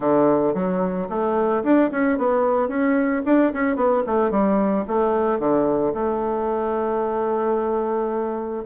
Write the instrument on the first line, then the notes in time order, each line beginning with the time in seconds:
bassoon
0.00 D3
0.54 F#3
1.09 A3
1.63 D4
1.91 C#4
2.17 B3
2.68 C#4
3.25 D4
3.53 C#4
3.76 B3
4.06 A3
4.30 G3
4.87 A3
5.39 D3
5.93 A3